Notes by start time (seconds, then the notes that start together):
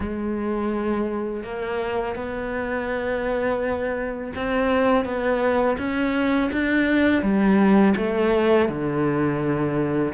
0.00 G#3
1.43 A#3
2.15 B3
4.35 C4
5.04 B3
5.78 C#4
6.52 D4
7.22 G3
7.96 A3
8.68 D3